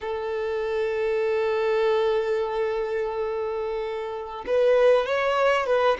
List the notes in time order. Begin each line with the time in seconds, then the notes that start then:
0.00 A4
4.46 B4
5.06 C#5
5.66 B4